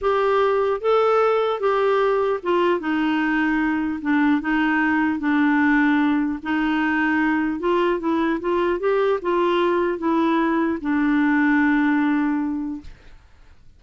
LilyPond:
\new Staff \with { instrumentName = "clarinet" } { \time 4/4 \tempo 4 = 150 g'2 a'2 | g'2 f'4 dis'4~ | dis'2 d'4 dis'4~ | dis'4 d'2. |
dis'2. f'4 | e'4 f'4 g'4 f'4~ | f'4 e'2 d'4~ | d'1 | }